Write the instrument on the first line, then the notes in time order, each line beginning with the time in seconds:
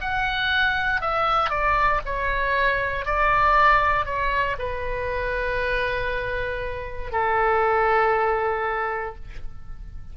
oboe
0.00 F#5
1.01 E5
1.49 D5
2.05 C#5
3.05 D5
4.05 C#5
4.58 B4
7.11 A4